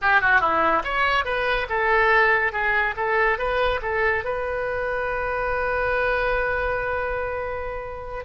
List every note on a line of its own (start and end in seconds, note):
0.01 0.21 G4
0.21 0.40 F#4
0.40 0.82 E4
0.84 1.24 C#5
1.24 1.67 B4
1.69 2.52 A4
2.52 2.94 G#4
2.96 3.38 A4
3.38 3.80 B4
3.82 4.24 A4
4.24 8.25 B4